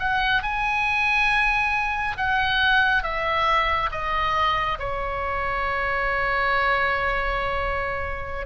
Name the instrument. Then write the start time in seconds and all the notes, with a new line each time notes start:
oboe
0.00 F#5
0.43 G#5
2.17 F#5
3.03 E5
3.92 D#5
4.79 C#5